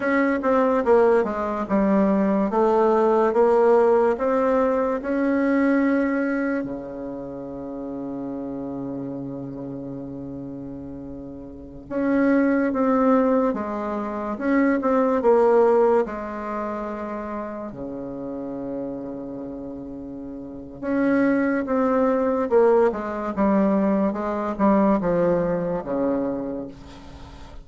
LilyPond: \new Staff \with { instrumentName = "bassoon" } { \time 4/4 \tempo 4 = 72 cis'8 c'8 ais8 gis8 g4 a4 | ais4 c'4 cis'2 | cis1~ | cis2~ cis16 cis'4 c'8.~ |
c'16 gis4 cis'8 c'8 ais4 gis8.~ | gis4~ gis16 cis2~ cis8.~ | cis4 cis'4 c'4 ais8 gis8 | g4 gis8 g8 f4 cis4 | }